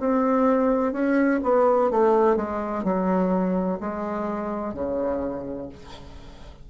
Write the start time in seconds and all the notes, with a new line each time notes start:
0.00 C4
0.93 C#4
1.43 B3
1.91 A3
2.36 G#3
2.84 F#3
3.81 G#3
4.74 C#3